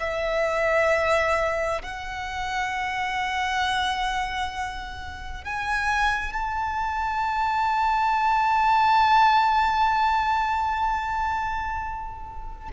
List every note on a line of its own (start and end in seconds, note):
0.00 1.82 E5
1.82 5.45 F#5
5.45 6.33 G#5
6.33 12.69 A5